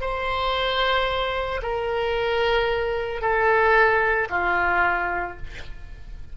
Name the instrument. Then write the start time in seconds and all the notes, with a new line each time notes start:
oboe
0.00 C5
1.62 A#4
3.21 A4
4.30 F4